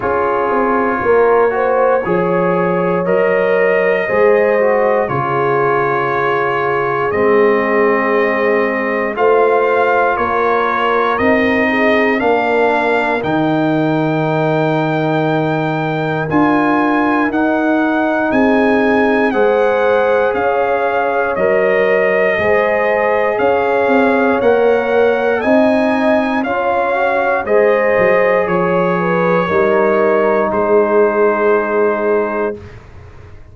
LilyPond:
<<
  \new Staff \with { instrumentName = "trumpet" } { \time 4/4 \tempo 4 = 59 cis''2. dis''4~ | dis''4 cis''2 dis''4~ | dis''4 f''4 cis''4 dis''4 | f''4 g''2. |
gis''4 fis''4 gis''4 fis''4 | f''4 dis''2 f''4 | fis''4 gis''4 f''4 dis''4 | cis''2 c''2 | }
  \new Staff \with { instrumentName = "horn" } { \time 4/4 gis'4 ais'8 c''8 cis''2 | c''4 gis'2.~ | gis'4 c''4 ais'4. gis'8 | ais'1~ |
ais'2 gis'4 c''4 | cis''2 c''4 cis''4~ | cis''4 dis''4 cis''4 c''4 | cis''8 b'8 ais'4 gis'2 | }
  \new Staff \with { instrumentName = "trombone" } { \time 4/4 f'4. fis'8 gis'4 ais'4 | gis'8 fis'8 f'2 c'4~ | c'4 f'2 dis'4 | d'4 dis'2. |
f'4 dis'2 gis'4~ | gis'4 ais'4 gis'2 | ais'4 dis'4 f'8 fis'8 gis'4~ | gis'4 dis'2. | }
  \new Staff \with { instrumentName = "tuba" } { \time 4/4 cis'8 c'8 ais4 f4 fis4 | gis4 cis2 gis4~ | gis4 a4 ais4 c'4 | ais4 dis2. |
d'4 dis'4 c'4 gis4 | cis'4 fis4 gis4 cis'8 c'8 | ais4 c'4 cis'4 gis8 fis8 | f4 g4 gis2 | }
>>